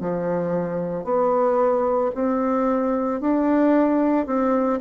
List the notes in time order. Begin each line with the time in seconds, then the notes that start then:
0.00 F3
1.04 B3
2.14 C4
3.20 D4
4.26 C4